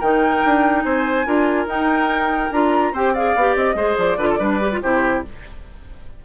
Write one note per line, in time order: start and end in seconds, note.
0.00 0.43 D#3
0.00 1.26 D#4
0.00 0.83 A#4
0.00 0.83 G5
0.45 0.84 D4
0.83 1.26 C4
0.83 1.27 C5
0.83 1.66 G#5
1.26 1.67 D4
1.26 1.67 F4
1.26 2.93 A#4
1.67 2.50 D#4
1.67 2.51 D#4
1.67 2.53 G5
2.52 2.93 D4
2.52 2.95 F4
2.52 2.94 A#5
2.93 3.35 C4
2.93 3.16 G4
2.93 3.14 C5
2.93 3.15 G5
3.14 3.37 G#4
3.14 3.76 D5
3.14 3.57 F5
3.36 3.56 B3
3.36 3.76 G4
3.56 3.75 C4
3.56 3.99 D#5
3.75 3.96 G#3
3.75 4.18 G#4
3.75 4.18 C5
3.98 4.18 F3
3.98 4.82 D5
4.18 4.39 D3
4.18 4.40 F4
4.18 4.28 B4
4.30 4.39 A4
4.39 4.81 G3
4.39 4.60 D4
4.39 4.81 B4
4.62 4.72 G4
4.73 4.83 F4
4.82 5.25 C3
4.82 5.25 E4
4.82 5.25 G4
4.82 5.23 C5